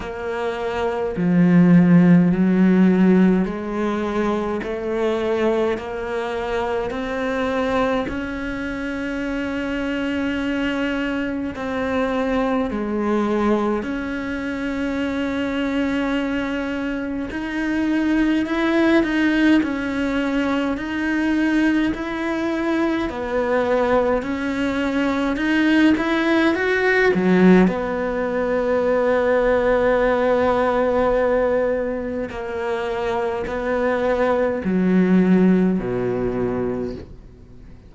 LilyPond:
\new Staff \with { instrumentName = "cello" } { \time 4/4 \tempo 4 = 52 ais4 f4 fis4 gis4 | a4 ais4 c'4 cis'4~ | cis'2 c'4 gis4 | cis'2. dis'4 |
e'8 dis'8 cis'4 dis'4 e'4 | b4 cis'4 dis'8 e'8 fis'8 fis8 | b1 | ais4 b4 fis4 b,4 | }